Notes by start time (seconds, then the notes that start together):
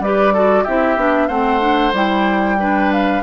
0.00 G3 G4 B4 D5
0.34 F#4 A4
0.64 C4 E4 G4 E5
0.97 B3 D4
1.28 A3 C4 C5 F#5
1.60 D4
1.93 G3 E4 G5
2.60 D4 B4
2.93 F5